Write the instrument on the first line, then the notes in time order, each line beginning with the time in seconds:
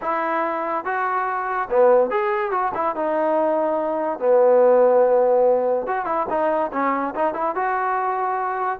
trombone
0.01 E4
0.84 F#4
1.70 B3
2.10 G#4
2.51 F#4
2.74 E4
2.95 D#4
4.19 B3
5.86 F#4
6.05 E4
6.29 D#4
6.72 C#4
7.15 D#4
7.34 E4
7.55 F#4